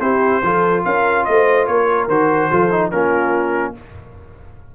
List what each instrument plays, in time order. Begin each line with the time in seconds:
0.00 tuba C4, trombone E4, horn G4, trumpet C5
0.43 tuba F3, trombone F4, horn A4
0.85 tuba C#4, horn A#4, trumpet F5
1.25 tuba A3, horn C5, trumpet D#5
1.67 tuba A#3, horn A#4, trumpet C#5
2.08 tuba D#3, trombone F#4, trumpet C5
2.51 tuba F3, trombone F4, horn A4
2.71 trombone D#4
2.91 tuba A#3, trombone C#4, horn F4, trumpet A#4